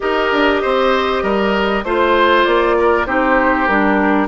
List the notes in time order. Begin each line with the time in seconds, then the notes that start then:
0.00 D#4 G4 A#4 D#5
0.32 D4
0.62 C4 C5
1.22 G3 A#4
1.84 A3 F4 C5
2.44 A#3 D5
2.78 A#4
3.05 C4 D#4 G4 C5
3.66 G3 D4 A#4